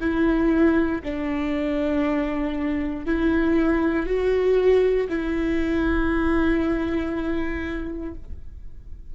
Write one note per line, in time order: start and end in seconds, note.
0.00 1.02 E4
1.03 3.05 D4
3.05 4.06 E4
4.06 5.08 F#4
5.09 8.14 E4